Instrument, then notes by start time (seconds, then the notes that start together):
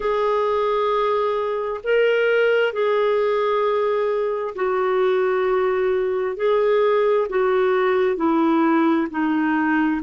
clarinet
0.00 G#4
1.83 A#4
2.72 G#4
4.55 F#4
6.36 G#4
7.29 F#4
8.16 E4
9.10 D#4